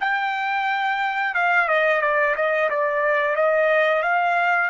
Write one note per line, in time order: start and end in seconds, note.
0.00 1.35 G5
1.35 1.68 F5
1.68 2.01 D#5
2.01 2.35 D5
2.36 2.69 D#5
2.70 3.36 D5
3.36 4.02 D#5
4.02 4.70 F5